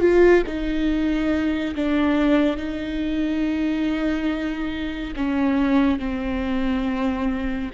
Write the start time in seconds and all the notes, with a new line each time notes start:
0.00 F4
0.46 D#4
1.75 D4
2.57 D#4
5.16 C#4
5.99 C4